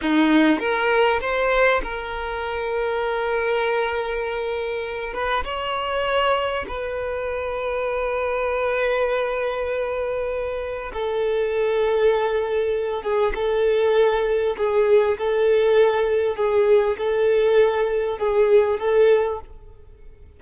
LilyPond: \new Staff \with { instrumentName = "violin" } { \time 4/4 \tempo 4 = 99 dis'4 ais'4 c''4 ais'4~ | ais'1~ | ais'8 b'8 cis''2 b'4~ | b'1~ |
b'2 a'2~ | a'4. gis'8 a'2 | gis'4 a'2 gis'4 | a'2 gis'4 a'4 | }